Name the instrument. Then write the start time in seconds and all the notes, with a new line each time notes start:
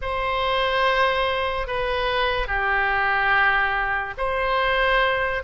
oboe
0.01 C5
1.67 B4
2.47 G4
4.17 C5